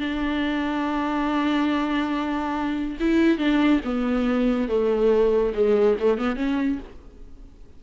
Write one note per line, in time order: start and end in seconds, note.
0.00 2.98 D4
3.00 3.38 E4
3.38 3.81 D4
3.85 4.68 B3
4.68 5.53 A3
5.54 5.97 G#3
6.00 6.18 A3
6.18 6.36 B3
6.36 6.79 C#4